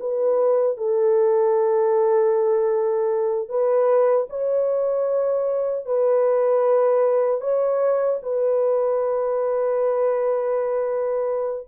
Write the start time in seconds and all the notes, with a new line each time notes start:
0.00 B4
0.78 A4
3.49 B4
4.30 C#5
5.86 B4
7.41 C#5
8.22 B4